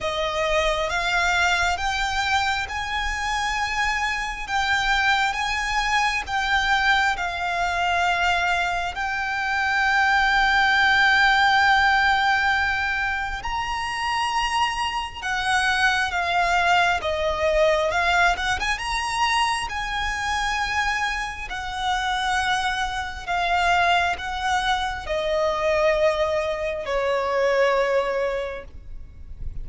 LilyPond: \new Staff \with { instrumentName = "violin" } { \time 4/4 \tempo 4 = 67 dis''4 f''4 g''4 gis''4~ | gis''4 g''4 gis''4 g''4 | f''2 g''2~ | g''2. ais''4~ |
ais''4 fis''4 f''4 dis''4 | f''8 fis''16 gis''16 ais''4 gis''2 | fis''2 f''4 fis''4 | dis''2 cis''2 | }